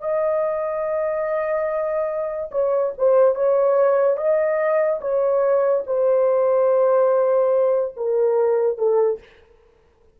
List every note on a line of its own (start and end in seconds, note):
0.00 2.50 D#5
2.51 2.93 C#5
2.97 3.34 C5
3.34 4.17 C#5
4.17 5.00 D#5
5.01 5.84 C#5
5.86 7.95 C5
7.96 8.78 A#4
8.78 9.19 A4